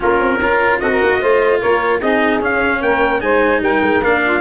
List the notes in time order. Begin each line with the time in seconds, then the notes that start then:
0.00 A#3 C#4 F4 A#4
0.19 C4
0.40 C#4 F4 A#4
0.79 C4 F#4 A4 D#5
0.90 A#4
1.02 A#3
1.20 A3 F4 C5
1.60 A#3 A#4 C#5
2.00 C4 D#4 G#4 D#5
2.41 C#4 F5
2.81 A#3 A#4 G5
3.20 G#3 D#4 C5 G#5
3.60 G3 A#4 G5
3.82 G#3
4.01 A#3 D4 F5
4.23 F4